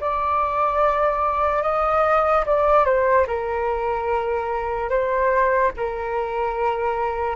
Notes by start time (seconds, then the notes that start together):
0.00 D5
1.62 D#5
2.46 D5
2.85 C5
3.27 A#4
4.89 C5
5.76 A#4